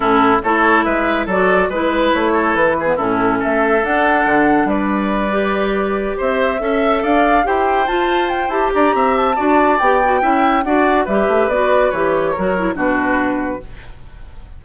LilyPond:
<<
  \new Staff \with { instrumentName = "flute" } { \time 4/4 \tempo 4 = 141 a'4 cis''4 e''4 d''4 | b'4 cis''4 b'4 a'4 | e''4 fis''2 d''4~ | d''2~ d''8 e''4.~ |
e''8 f''4 g''4 a''4 g''8 | a''8 ais''4 a''4. g''4~ | g''4 fis''4 e''4 d''4 | cis''2 b'2 | }
  \new Staff \with { instrumentName = "oboe" } { \time 4/4 e'4 a'4 b'4 a'4 | b'4. a'4 gis'8 e'4 | a'2. b'4~ | b'2~ b'8 c''4 e''8~ |
e''8 d''4 c''2~ c''8~ | c''8 d''8 e''4 d''2 | e''4 d''4 b'2~ | b'4 ais'4 fis'2 | }
  \new Staff \with { instrumentName = "clarinet" } { \time 4/4 cis'4 e'2 fis'4 | e'2~ e'8. b16 cis'4~ | cis'4 d'2.~ | d'8 g'2. a'8~ |
a'4. g'4 f'4. | g'2 fis'4 g'8 fis'8 | e'4 fis'4 g'4 fis'4 | g'4 fis'8 e'8 d'2 | }
  \new Staff \with { instrumentName = "bassoon" } { \time 4/4 a,4 a4 gis4 fis4 | gis4 a4 e4 a,4 | a4 d'4 d4 g4~ | g2~ g8 c'4 cis'8~ |
cis'8 d'4 e'4 f'4. | e'8 d'8 c'4 d'4 b4 | cis'4 d'4 g8 a8 b4 | e4 fis4 b,2 | }
>>